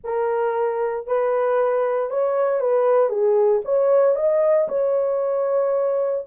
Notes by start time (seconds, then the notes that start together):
0.04 A#4
1.06 B4
2.10 C#5
2.60 B4
3.09 G#4
3.65 C#5
4.15 D#5
4.68 C#5